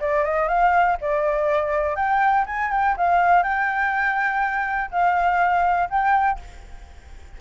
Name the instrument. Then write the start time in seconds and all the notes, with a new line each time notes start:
flute
0.00 D5
0.24 D#5
0.48 F5
1.01 D5
1.96 G5
2.46 G#5
2.71 G5
2.97 F5
3.43 G5
4.90 F5
5.89 G5